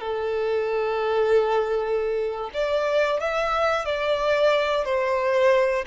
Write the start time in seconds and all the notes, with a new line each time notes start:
0.00 A4
2.53 D5
3.19 E5
3.85 D5
4.85 C5